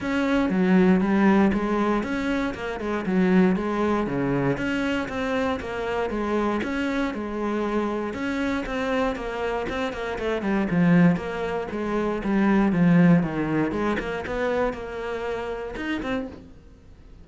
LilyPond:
\new Staff \with { instrumentName = "cello" } { \time 4/4 \tempo 4 = 118 cis'4 fis4 g4 gis4 | cis'4 ais8 gis8 fis4 gis4 | cis4 cis'4 c'4 ais4 | gis4 cis'4 gis2 |
cis'4 c'4 ais4 c'8 ais8 | a8 g8 f4 ais4 gis4 | g4 f4 dis4 gis8 ais8 | b4 ais2 dis'8 c'8 | }